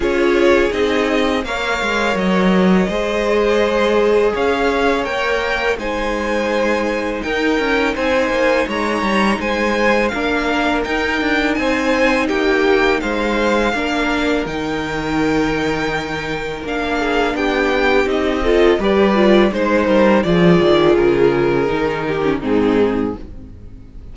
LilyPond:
<<
  \new Staff \with { instrumentName = "violin" } { \time 4/4 \tempo 4 = 83 cis''4 dis''4 f''4 dis''4~ | dis''2 f''4 g''4 | gis''2 g''4 gis''4 | ais''4 gis''4 f''4 g''4 |
gis''4 g''4 f''2 | g''2. f''4 | g''4 dis''4 d''4 c''4 | d''4 ais'2 gis'4 | }
  \new Staff \with { instrumentName = "violin" } { \time 4/4 gis'2 cis''2 | c''2 cis''2 | c''2 ais'4 c''4 | cis''4 c''4 ais'2 |
c''4 g'4 c''4 ais'4~ | ais'2.~ ais'8 gis'8 | g'4. a'8 b'4 c''8 ais'8 | gis'2~ gis'8 g'8 dis'4 | }
  \new Staff \with { instrumentName = "viola" } { \time 4/4 f'4 dis'4 ais'2 | gis'2. ais'4 | dis'1~ | dis'2 d'4 dis'4~ |
dis'2. d'4 | dis'2. d'4~ | d'4 dis'8 f'8 g'8 f'8 dis'4 | f'2 dis'8. cis'16 c'4 | }
  \new Staff \with { instrumentName = "cello" } { \time 4/4 cis'4 c'4 ais8 gis8 fis4 | gis2 cis'4 ais4 | gis2 dis'8 cis'8 c'8 ais8 | gis8 g8 gis4 ais4 dis'8 d'8 |
c'4 ais4 gis4 ais4 | dis2. ais4 | b4 c'4 g4 gis8 g8 | f8 dis8 cis4 dis4 gis,4 | }
>>